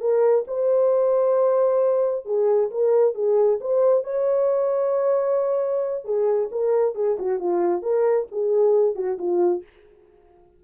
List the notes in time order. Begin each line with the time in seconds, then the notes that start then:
0.00 A#4
0.47 C5
2.25 G#4
2.70 A#4
3.14 G#4
3.60 C5
4.03 C#5
6.04 G#4
6.51 A#4
6.95 G#4
7.18 F#4
7.39 F4
7.82 A#4
8.31 G#4
8.95 F#4
9.18 F4